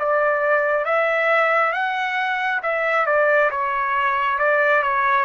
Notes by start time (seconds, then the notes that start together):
0.00 D5
0.85 E5
1.73 F#5
2.63 E5
3.07 D5
3.51 C#5
4.39 D5
4.83 C#5